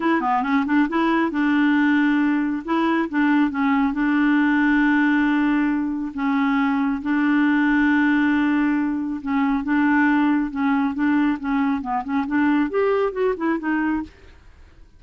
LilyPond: \new Staff \with { instrumentName = "clarinet" } { \time 4/4 \tempo 4 = 137 e'8 b8 cis'8 d'8 e'4 d'4~ | d'2 e'4 d'4 | cis'4 d'2.~ | d'2 cis'2 |
d'1~ | d'4 cis'4 d'2 | cis'4 d'4 cis'4 b8 cis'8 | d'4 g'4 fis'8 e'8 dis'4 | }